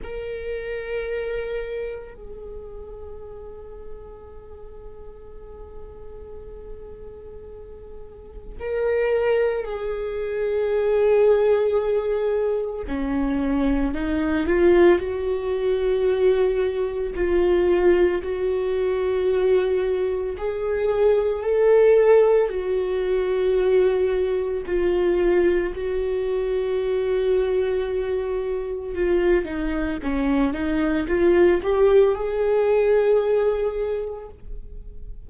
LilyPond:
\new Staff \with { instrumentName = "viola" } { \time 4/4 \tempo 4 = 56 ais'2 gis'2~ | gis'1 | ais'4 gis'2. | cis'4 dis'8 f'8 fis'2 |
f'4 fis'2 gis'4 | a'4 fis'2 f'4 | fis'2. f'8 dis'8 | cis'8 dis'8 f'8 g'8 gis'2 | }